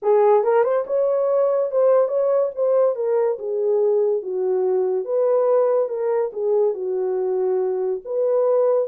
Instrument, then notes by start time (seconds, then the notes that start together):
horn
0.02 G#4
0.43 A#4
0.63 C5
0.86 C#5
1.71 C5
2.08 C#5
2.55 C5
2.95 A#4
3.38 G#4
4.22 F#4
5.04 B4
5.88 A#4
6.32 G#4
6.74 F#4
8.04 B4